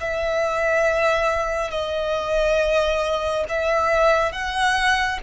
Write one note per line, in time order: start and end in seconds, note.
0.00 1.71 E5
1.71 3.45 D#5
3.49 4.32 E5
4.32 5.19 F#5